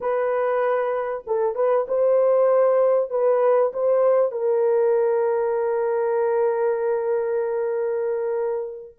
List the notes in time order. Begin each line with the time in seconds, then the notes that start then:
0.00 B4
1.26 A4
1.55 B4
1.88 C5
3.10 B4
3.73 C5
4.31 A#4